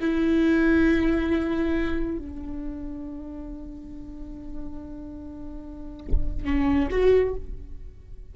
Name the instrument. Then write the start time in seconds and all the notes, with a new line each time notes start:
viola
0.00 E4
2.18 D4
6.45 C#4
6.91 F#4